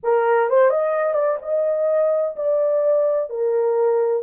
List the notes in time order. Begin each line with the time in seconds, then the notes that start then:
0.03 A#4
0.49 C5
0.69 D#5
1.14 D5
1.41 D#5
2.36 D5
3.29 A#4